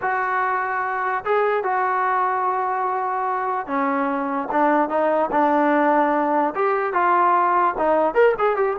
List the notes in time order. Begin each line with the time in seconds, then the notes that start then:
0.01 F#4
1.24 G#4
1.63 F#4
3.66 C#4
4.51 D4
4.89 D#4
5.31 D4
6.55 G4
6.93 F4
7.78 D#4
8.14 A#4
8.38 G#4
8.56 G4